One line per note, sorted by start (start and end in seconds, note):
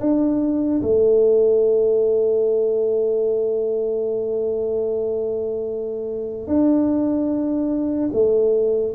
0.00 0.81 D4
0.82 6.47 A3
6.47 8.09 D4
8.12 8.93 A3